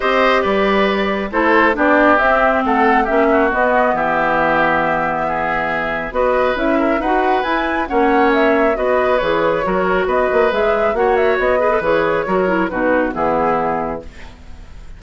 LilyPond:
<<
  \new Staff \with { instrumentName = "flute" } { \time 4/4 \tempo 4 = 137 dis''4 d''2 c''4 | d''4 e''4 fis''4 e''4 | dis''4 e''2.~ | e''2 dis''4 e''4 |
fis''4 gis''4 fis''4 e''4 | dis''4 cis''2 dis''4 | e''4 fis''8 e''8 dis''4 cis''4~ | cis''4 b'4 gis'2 | }
  \new Staff \with { instrumentName = "oboe" } { \time 4/4 c''4 b'2 a'4 | g'2 a'4 g'8 fis'8~ | fis'4 g'2. | gis'2 b'4. ais'8 |
b'2 cis''2 | b'2 ais'4 b'4~ | b'4 cis''4. b'4. | ais'4 fis'4 e'2 | }
  \new Staff \with { instrumentName = "clarinet" } { \time 4/4 g'2. e'4 | d'4 c'2 cis'4 | b1~ | b2 fis'4 e'4 |
fis'4 e'4 cis'2 | fis'4 gis'4 fis'2 | gis'4 fis'4. gis'16 a'16 gis'4 | fis'8 e'8 dis'4 b2 | }
  \new Staff \with { instrumentName = "bassoon" } { \time 4/4 c'4 g2 a4 | b4 c'4 a4 ais4 | b4 e2.~ | e2 b4 cis'4 |
dis'4 e'4 ais2 | b4 e4 fis4 b8 ais8 | gis4 ais4 b4 e4 | fis4 b,4 e2 | }
>>